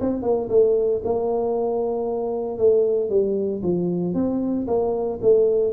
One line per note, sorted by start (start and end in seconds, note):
0.00 0.22 C4
0.22 0.48 A#3
0.49 1.01 A3
1.04 2.58 A#3
2.58 3.09 A3
3.09 3.61 G3
3.63 4.14 F3
4.14 4.66 C4
4.67 5.19 A#3
5.22 5.73 A3